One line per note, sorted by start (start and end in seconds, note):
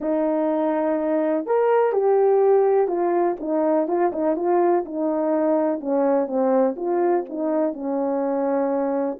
0.00 1.45 D#4
1.46 1.92 A#4
1.92 2.87 G4
2.87 3.36 F4
3.40 3.87 D#4
3.87 4.11 F4
4.12 4.35 D#4
4.35 4.84 F4
4.85 5.80 D#4
5.80 6.27 C#4
6.27 6.75 C4
6.76 7.24 F4
7.29 7.73 D#4
7.73 9.18 C#4